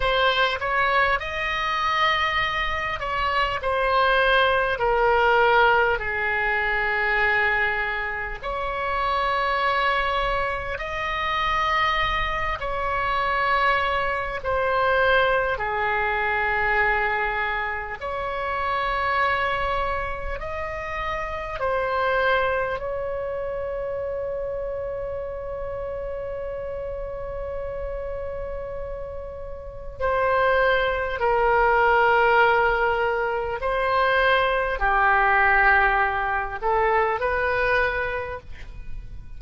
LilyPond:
\new Staff \with { instrumentName = "oboe" } { \time 4/4 \tempo 4 = 50 c''8 cis''8 dis''4. cis''8 c''4 | ais'4 gis'2 cis''4~ | cis''4 dis''4. cis''4. | c''4 gis'2 cis''4~ |
cis''4 dis''4 c''4 cis''4~ | cis''1~ | cis''4 c''4 ais'2 | c''4 g'4. a'8 b'4 | }